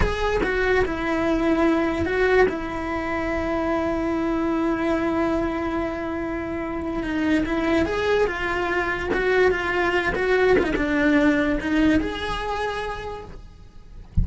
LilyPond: \new Staff \with { instrumentName = "cello" } { \time 4/4 \tempo 4 = 145 gis'4 fis'4 e'2~ | e'4 fis'4 e'2~ | e'1~ | e'1~ |
e'4 dis'4 e'4 gis'4 | f'2 fis'4 f'4~ | f'8 fis'4 f'16 dis'16 d'2 | dis'4 gis'2. | }